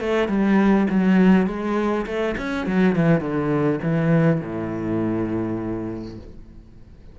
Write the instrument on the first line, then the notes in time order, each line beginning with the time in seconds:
cello
0.00 A3
0.28 G3
0.90 F#3
1.47 G#3
2.06 A3
2.37 C#4
2.66 F#3
2.95 E3
3.21 D3
3.83 E3
4.41 A2